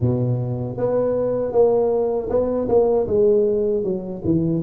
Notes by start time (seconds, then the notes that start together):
0.00 B2
0.77 B3
1.51 A#3
2.29 B3
2.68 A#3
3.07 G#3
3.83 F#3
4.24 E3